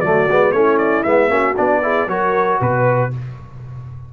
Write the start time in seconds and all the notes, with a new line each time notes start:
0.00 F#3 A3 F#4 D5
0.28 G#3 B3
0.51 A3 C#4 E4 C#5
0.77 D5
1.03 G#3 B3 E5
1.29 A#3 C#4 F#4
1.56 B3 D4 D5
1.82 E4 G#4
2.07 F#3 F#4 A#4 C#5
2.60 B2 B4